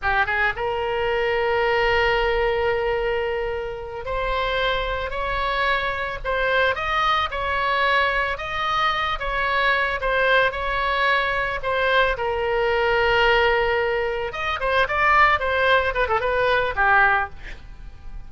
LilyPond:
\new Staff \with { instrumentName = "oboe" } { \time 4/4 \tempo 4 = 111 g'8 gis'8 ais'2.~ | ais'2.~ ais'8 c''8~ | c''4. cis''2 c''8~ | c''8 dis''4 cis''2 dis''8~ |
dis''4 cis''4. c''4 cis''8~ | cis''4. c''4 ais'4.~ | ais'2~ ais'8 dis''8 c''8 d''8~ | d''8 c''4 b'16 a'16 b'4 g'4 | }